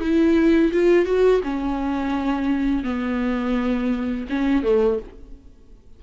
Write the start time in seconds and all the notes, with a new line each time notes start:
0.00 E4
0.72 F4
1.06 F#4
1.44 C#4
2.84 B3
4.30 C#4
4.63 A3